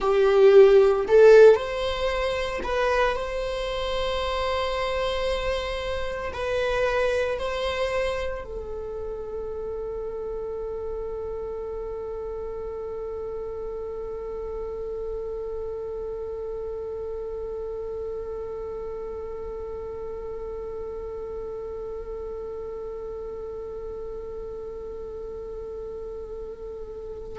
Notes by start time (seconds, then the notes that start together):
0.00 G4
1.08 A4
1.55 C5
2.63 B4
3.16 C5
6.33 B4
7.39 C5
8.44 A4